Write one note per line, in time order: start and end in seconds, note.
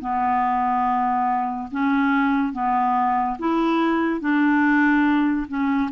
0.00 1.69 B3
1.71 2.52 C#4
2.52 3.37 B3
3.38 4.20 E4
4.20 5.47 D4
5.47 5.90 C#4